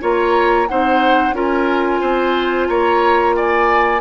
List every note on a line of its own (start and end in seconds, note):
0.00 0.69 A#3
0.00 0.67 F4
0.00 0.67 C#5
0.00 0.67 A#5
0.67 1.32 C4
0.67 1.33 D#4
0.67 1.35 C5
0.67 1.34 F#5
1.32 1.98 C#4
1.32 4.00 F4
1.32 2.00 A#4
1.32 2.67 G#5
2.00 2.68 C4
2.00 2.67 C5
2.67 4.01 A#3
2.67 3.35 C#5
2.67 3.34 A#5
3.36 4.01 D5
3.36 4.01 G#5